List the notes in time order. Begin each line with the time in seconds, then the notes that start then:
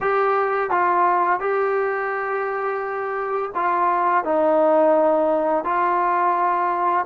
0.01 G4
0.70 F4
1.39 G4
3.55 F4
4.24 D#4
5.64 F4